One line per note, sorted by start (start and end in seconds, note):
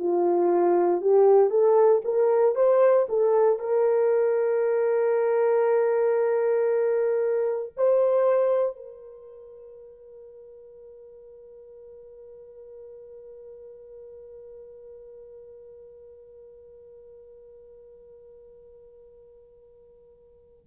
0.00 1.02 F4
1.02 1.50 G4
1.50 2.02 A4
2.05 2.56 A#4
2.56 3.08 C5
3.09 3.60 A4
3.60 7.74 A#4
7.77 8.76 C5
8.76 20.66 A#4